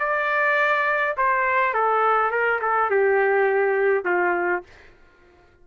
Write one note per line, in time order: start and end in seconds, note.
0.00 1.17 D5
1.18 1.74 C5
1.74 2.31 A4
2.31 2.61 A#4
2.62 2.91 A4
2.91 4.05 G4
4.05 4.63 F4